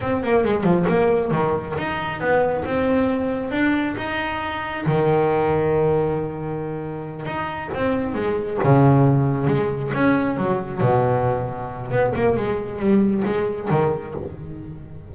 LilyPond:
\new Staff \with { instrumentName = "double bass" } { \time 4/4 \tempo 4 = 136 c'8 ais8 gis8 f8 ais4 dis4 | dis'4 b4 c'2 | d'4 dis'2 dis4~ | dis1~ |
dis8 dis'4 c'4 gis4 cis8~ | cis4. gis4 cis'4 fis8~ | fis8 b,2~ b,8 b8 ais8 | gis4 g4 gis4 dis4 | }